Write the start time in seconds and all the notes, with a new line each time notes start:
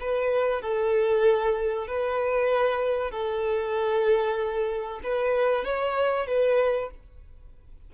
0.00 B4
0.61 A4
1.87 B4
3.11 A4
5.03 B4
5.64 C#5
6.27 B4